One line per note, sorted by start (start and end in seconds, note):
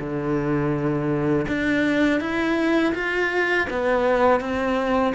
0.00 1.46 D3
1.48 2.21 D4
2.21 2.94 E4
2.95 3.68 F4
3.70 4.40 B3
4.40 5.14 C4